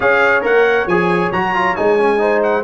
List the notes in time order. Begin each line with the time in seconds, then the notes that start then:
0.00 C#4 G#4 C#5 F5
0.41 A#3 A#4 F#5
0.86 F3 G#4 G#5
1.32 F#3 F#4 A#5
1.54 F4
1.75 G#3 D#4 G#5
1.98 C#4
2.18 D#4 C5
2.42 F#5